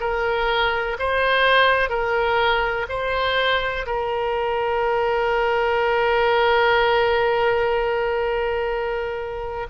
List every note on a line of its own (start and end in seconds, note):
0.00 0.97 A#4
0.99 1.90 C5
1.90 2.86 A#4
2.89 3.86 C5
3.86 9.67 A#4